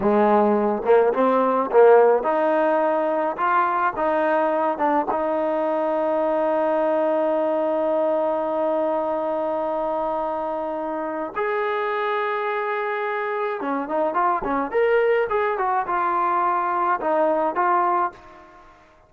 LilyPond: \new Staff \with { instrumentName = "trombone" } { \time 4/4 \tempo 4 = 106 gis4. ais8 c'4 ais4 | dis'2 f'4 dis'4~ | dis'8 d'8 dis'2.~ | dis'1~ |
dis'1 | gis'1 | cis'8 dis'8 f'8 cis'8 ais'4 gis'8 fis'8 | f'2 dis'4 f'4 | }